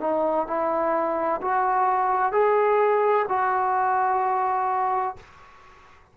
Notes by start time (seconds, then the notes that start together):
0.00 D#4
0.47 E4
1.41 F#4
2.32 G#4
3.29 F#4